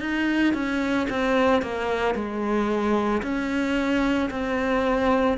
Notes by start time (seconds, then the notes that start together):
0.00 D#4
0.54 C#4
1.10 C4
1.62 A#3
2.15 G#3
3.22 C#4
4.31 C4